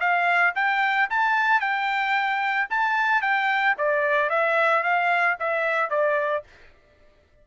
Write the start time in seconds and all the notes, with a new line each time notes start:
0.00 F5
0.55 G5
1.10 A5
1.60 G5
2.70 A5
3.21 G5
3.78 D5
4.29 E5
4.83 F5
5.39 E5
5.90 D5